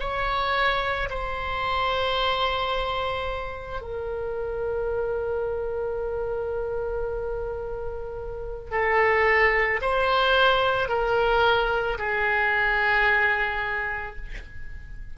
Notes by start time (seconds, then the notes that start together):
0.00 C#5
1.10 C5
3.81 A#4
8.71 A4
9.81 C5
10.88 A#4
11.98 G#4